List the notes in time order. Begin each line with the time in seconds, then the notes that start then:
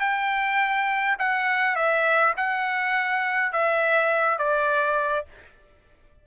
0.00 G5
1.19 F#5
1.76 E5
2.37 F#5
3.53 E5
4.38 D5